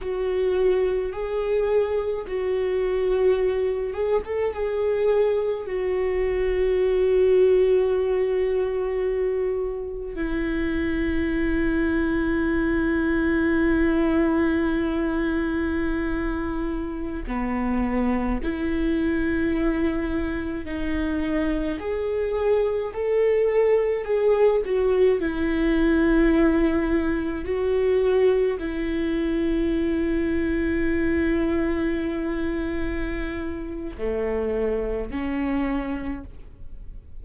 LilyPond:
\new Staff \with { instrumentName = "viola" } { \time 4/4 \tempo 4 = 53 fis'4 gis'4 fis'4. gis'16 a'16 | gis'4 fis'2.~ | fis'4 e'2.~ | e'2.~ e'16 b8.~ |
b16 e'2 dis'4 gis'8.~ | gis'16 a'4 gis'8 fis'8 e'4.~ e'16~ | e'16 fis'4 e'2~ e'8.~ | e'2 a4 cis'4 | }